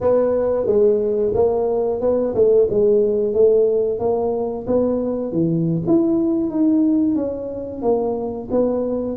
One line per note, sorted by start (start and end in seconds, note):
0.01 0.66 B3
0.66 1.32 G#3
1.34 2.01 A#3
2.01 2.34 B3
2.34 2.68 A3
2.70 3.33 G#3
3.33 3.99 A3
3.99 4.65 A#3
4.66 5.32 B3
5.32 5.82 E3
5.86 6.49 E4
6.49 7.15 D#4
7.15 7.82 C#4
7.82 8.48 A#3
8.51 9.17 B3